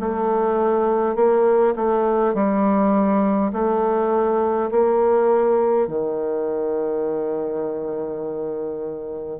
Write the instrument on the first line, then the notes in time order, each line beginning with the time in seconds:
bassoon
0.00 A3
1.16 A#3
1.76 A3
2.34 G3
3.53 A3
4.71 A#3
5.88 D#3